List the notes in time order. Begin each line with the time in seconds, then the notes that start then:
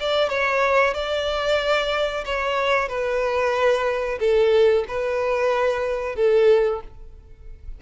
0.00 D5
0.29 C#5
0.94 D5
2.25 C#5
2.88 B4
4.19 A4
4.88 B4
6.16 A4